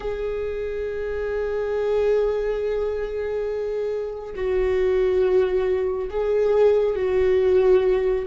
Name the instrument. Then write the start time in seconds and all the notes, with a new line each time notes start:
viola
0.00 G#4
4.35 F#4
6.09 G#4
6.95 F#4